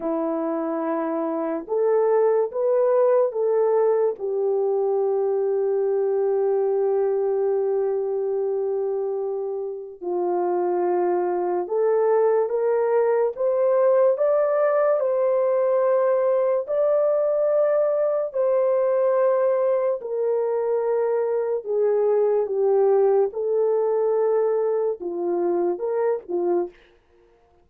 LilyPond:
\new Staff \with { instrumentName = "horn" } { \time 4/4 \tempo 4 = 72 e'2 a'4 b'4 | a'4 g'2.~ | g'1 | f'2 a'4 ais'4 |
c''4 d''4 c''2 | d''2 c''2 | ais'2 gis'4 g'4 | a'2 f'4 ais'8 f'8 | }